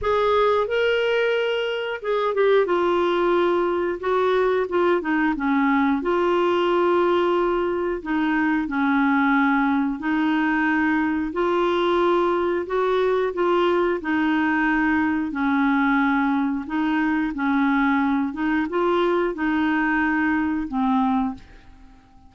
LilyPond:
\new Staff \with { instrumentName = "clarinet" } { \time 4/4 \tempo 4 = 90 gis'4 ais'2 gis'8 g'8 | f'2 fis'4 f'8 dis'8 | cis'4 f'2. | dis'4 cis'2 dis'4~ |
dis'4 f'2 fis'4 | f'4 dis'2 cis'4~ | cis'4 dis'4 cis'4. dis'8 | f'4 dis'2 c'4 | }